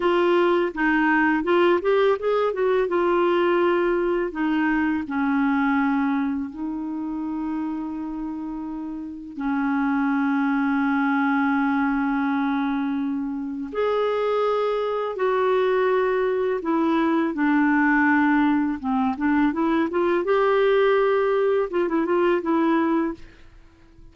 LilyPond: \new Staff \with { instrumentName = "clarinet" } { \time 4/4 \tempo 4 = 83 f'4 dis'4 f'8 g'8 gis'8 fis'8 | f'2 dis'4 cis'4~ | cis'4 dis'2.~ | dis'4 cis'2.~ |
cis'2. gis'4~ | gis'4 fis'2 e'4 | d'2 c'8 d'8 e'8 f'8 | g'2 f'16 e'16 f'8 e'4 | }